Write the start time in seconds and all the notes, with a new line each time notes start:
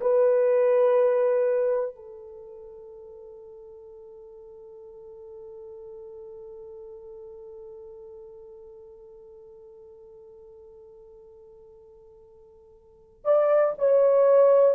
0.00 B4
1.95 A4
13.24 D5
13.78 C#5